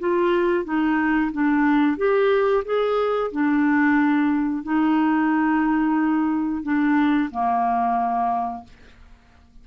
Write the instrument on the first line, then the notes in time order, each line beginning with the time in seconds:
clarinet
0.00 F4
0.65 D#4
1.32 D4
1.98 G4
2.65 G#4
3.32 D4
4.64 D#4
6.63 D4
7.31 A#3